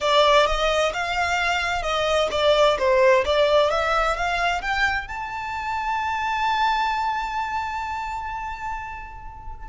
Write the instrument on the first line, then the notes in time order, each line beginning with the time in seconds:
violin
0.00 D5
0.46 D#5
0.93 F5
1.82 D#5
2.31 D5
2.78 C5
3.25 D5
3.70 E5
4.16 F5
4.61 G5
5.07 A5